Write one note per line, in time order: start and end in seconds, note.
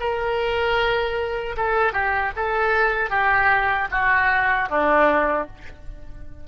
0.00 1.56 A#4
1.57 1.93 A4
1.93 2.32 G4
2.36 3.10 A4
3.10 3.88 G4
3.91 4.69 F#4
4.70 5.48 D4